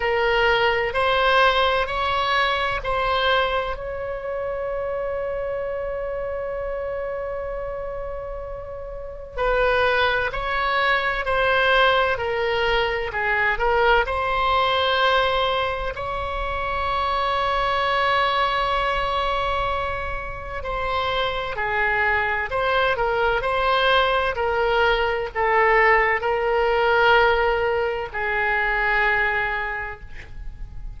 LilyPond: \new Staff \with { instrumentName = "oboe" } { \time 4/4 \tempo 4 = 64 ais'4 c''4 cis''4 c''4 | cis''1~ | cis''2 b'4 cis''4 | c''4 ais'4 gis'8 ais'8 c''4~ |
c''4 cis''2.~ | cis''2 c''4 gis'4 | c''8 ais'8 c''4 ais'4 a'4 | ais'2 gis'2 | }